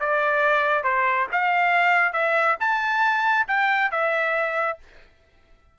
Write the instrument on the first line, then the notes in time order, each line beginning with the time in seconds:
trumpet
0.00 D5
0.84 C5
1.32 F5
2.13 E5
2.60 A5
3.48 G5
3.92 E5